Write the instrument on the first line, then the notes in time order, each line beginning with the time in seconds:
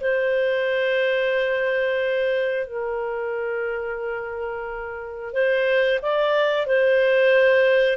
clarinet
0.00 C5
2.66 A#4
5.32 C5
6.02 D5
6.66 C5